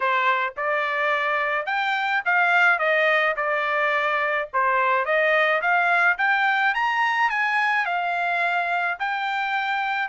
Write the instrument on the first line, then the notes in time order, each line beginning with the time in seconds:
trumpet
0.00 C5
0.57 D5
1.66 G5
2.25 F5
2.79 D#5
3.36 D5
4.53 C5
5.05 D#5
5.61 F5
6.18 G5
6.74 A#5
7.29 G#5
7.85 F5
8.99 G5